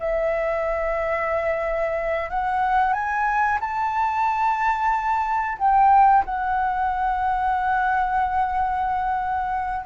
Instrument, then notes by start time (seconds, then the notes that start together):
flute
0.00 E5
2.30 F#5
2.93 G#5
3.61 A5
5.59 G5
6.25 F#5